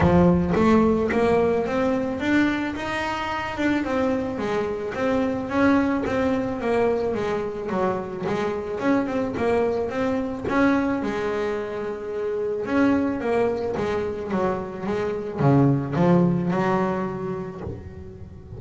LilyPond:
\new Staff \with { instrumentName = "double bass" } { \time 4/4 \tempo 4 = 109 f4 a4 ais4 c'4 | d'4 dis'4. d'8 c'4 | gis4 c'4 cis'4 c'4 | ais4 gis4 fis4 gis4 |
cis'8 c'8 ais4 c'4 cis'4 | gis2. cis'4 | ais4 gis4 fis4 gis4 | cis4 f4 fis2 | }